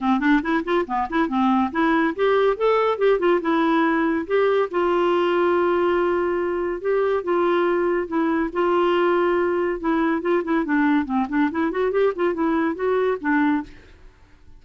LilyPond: \new Staff \with { instrumentName = "clarinet" } { \time 4/4 \tempo 4 = 141 c'8 d'8 e'8 f'8 b8 e'8 c'4 | e'4 g'4 a'4 g'8 f'8 | e'2 g'4 f'4~ | f'1 |
g'4 f'2 e'4 | f'2. e'4 | f'8 e'8 d'4 c'8 d'8 e'8 fis'8 | g'8 f'8 e'4 fis'4 d'4 | }